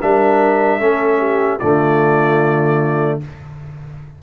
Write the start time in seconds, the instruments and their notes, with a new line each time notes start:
0.00 tuba G3, trombone D4, horn A#4, trumpet E5
0.79 tuba A3, trombone C#4, horn A4
1.18 horn G4
1.58 tuba D3, trombone A3, horn F4, trumpet D5